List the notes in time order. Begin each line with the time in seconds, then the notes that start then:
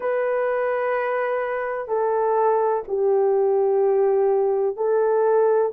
0.00 B4
1.88 A4
2.87 G4
4.76 A4